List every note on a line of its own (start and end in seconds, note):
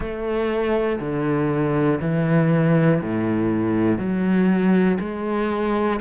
0.00 0.99 A3
1.00 2.00 D3
2.00 3.00 E3
3.01 3.98 A2
3.98 4.98 F#3
5.00 6.00 G#3